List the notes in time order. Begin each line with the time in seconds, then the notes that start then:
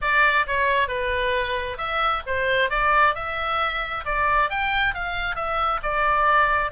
0.01 D5
0.46 C#5
0.88 B4
1.77 E5
2.26 C5
2.70 D5
3.14 E5
4.05 D5
4.50 G5
4.94 F5
5.35 E5
5.82 D5